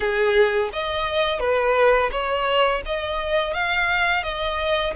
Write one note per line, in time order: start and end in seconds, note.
0.00 0.70 G#4
0.73 1.39 D#5
1.39 2.10 B4
2.11 2.82 C#5
2.85 3.53 D#5
3.53 4.23 F5
4.23 4.93 D#5